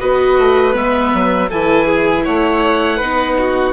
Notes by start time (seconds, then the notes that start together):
0.00 B3 F#4 B4 D#5
0.38 A3
0.73 G#3 B3 E5
1.13 F#3
1.49 E3 E4 A4 G#5
1.85 G#4
2.24 A3 C#5 F#5
2.97 B3 D#4 B4
3.38 F#4